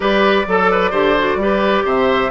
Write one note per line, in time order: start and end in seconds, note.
0.00 0.45 G3
0.00 0.45 G4
0.00 0.46 B4
0.00 1.87 D5
0.46 0.91 F#3
0.46 0.92 A4
0.46 0.71 A4
0.71 0.90 B4
0.90 1.35 D3
0.90 1.15 G4
0.90 1.37 C5
1.18 1.41 F#4
1.35 1.82 G3
1.35 2.30 G4
1.35 1.85 B4
1.84 2.30 C3
1.84 2.30 C5
1.84 2.30 E5